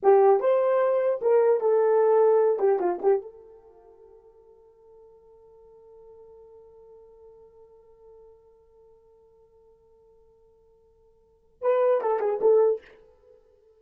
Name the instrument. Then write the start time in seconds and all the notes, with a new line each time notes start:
horn
0.02 G4
0.39 C5
1.21 A#4
1.60 A4
2.59 G4
2.79 F4
3.02 G4
3.21 A4
11.61 B4
12.01 A4
12.19 G#4
12.41 A4